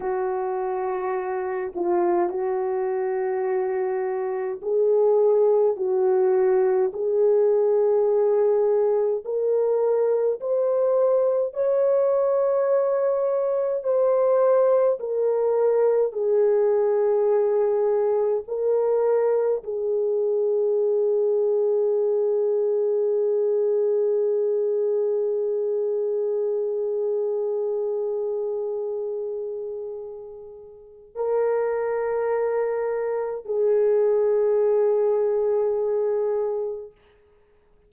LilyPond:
\new Staff \with { instrumentName = "horn" } { \time 4/4 \tempo 4 = 52 fis'4. f'8 fis'2 | gis'4 fis'4 gis'2 | ais'4 c''4 cis''2 | c''4 ais'4 gis'2 |
ais'4 gis'2.~ | gis'1~ | gis'2. ais'4~ | ais'4 gis'2. | }